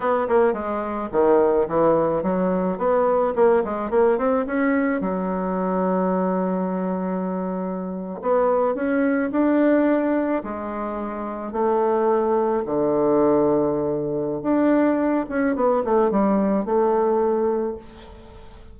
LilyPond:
\new Staff \with { instrumentName = "bassoon" } { \time 4/4 \tempo 4 = 108 b8 ais8 gis4 dis4 e4 | fis4 b4 ais8 gis8 ais8 c'8 | cis'4 fis2.~ | fis2~ fis8. b4 cis'16~ |
cis'8. d'2 gis4~ gis16~ | gis8. a2 d4~ d16~ | d2 d'4. cis'8 | b8 a8 g4 a2 | }